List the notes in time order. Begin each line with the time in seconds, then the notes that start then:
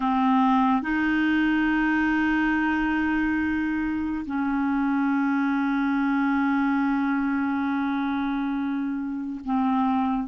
0.00 C4
0.82 D#4
4.26 C#4
9.44 C4